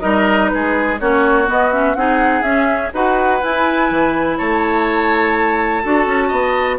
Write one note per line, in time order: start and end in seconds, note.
0.00 0.53 G3
0.00 0.98 D#4
0.00 0.50 A#4
0.00 0.48 D#5
0.48 1.01 G#3
0.48 1.00 G#4
0.48 0.97 B4
1.00 1.49 A#3
1.00 1.47 C#4
1.00 1.97 F#4
1.00 1.48 C#5
1.47 1.71 B3
1.47 1.95 B3
1.47 1.73 D#5
1.72 1.96 C#4
1.72 1.95 E5
1.95 2.42 C4
1.95 2.44 D#4
1.95 2.94 G#4
1.95 2.43 F#5
2.42 2.91 C#4
2.42 2.92 C#4
2.42 2.91 E5
2.94 3.42 D#4
2.94 3.42 F#4
2.94 4.38 B4
2.94 3.43 F#5
3.43 5.83 E4
3.43 3.91 E4
3.43 4.38 G#5
3.91 4.39 E3
4.38 5.85 A3
4.38 5.83 C#5
4.38 6.79 A5
5.83 6.06 D4
5.83 6.79 F#4
5.83 6.28 A4
6.06 6.31 C#4
6.28 6.79 B3
6.28 6.77 D#5